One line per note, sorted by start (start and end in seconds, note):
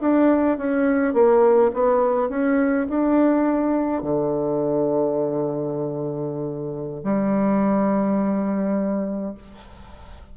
0.00 0.57 D4
0.57 1.13 C#4
1.13 1.71 A#3
1.73 2.29 B3
2.29 2.86 C#4
2.89 4.02 D4
4.02 7.03 D3
7.03 9.34 G3